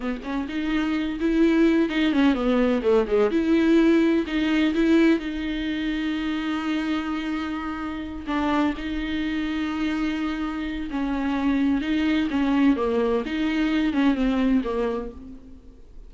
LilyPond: \new Staff \with { instrumentName = "viola" } { \time 4/4 \tempo 4 = 127 b8 cis'8 dis'4. e'4. | dis'8 cis'8 b4 a8 gis8 e'4~ | e'4 dis'4 e'4 dis'4~ | dis'1~ |
dis'4. d'4 dis'4.~ | dis'2. cis'4~ | cis'4 dis'4 cis'4 ais4 | dis'4. cis'8 c'4 ais4 | }